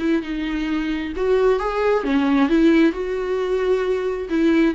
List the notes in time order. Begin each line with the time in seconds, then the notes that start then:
0.00 E4
0.23 D#4
1.17 F#4
1.60 G#4
2.05 C#4
2.50 E4
2.93 F#4
4.30 E4